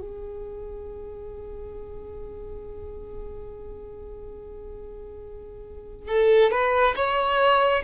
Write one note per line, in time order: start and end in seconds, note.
0.00 6.08 G#4
6.08 6.51 A4
6.51 6.94 B4
6.95 7.82 C#5